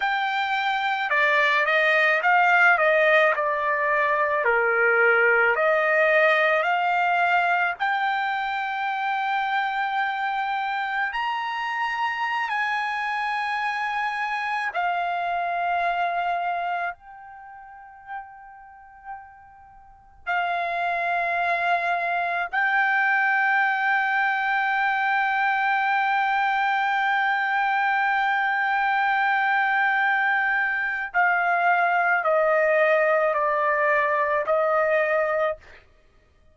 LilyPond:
\new Staff \with { instrumentName = "trumpet" } { \time 4/4 \tempo 4 = 54 g''4 d''8 dis''8 f''8 dis''8 d''4 | ais'4 dis''4 f''4 g''4~ | g''2 ais''4~ ais''16 gis''8.~ | gis''4~ gis''16 f''2 g''8.~ |
g''2~ g''16 f''4.~ f''16~ | f''16 g''2.~ g''8.~ | g''1 | f''4 dis''4 d''4 dis''4 | }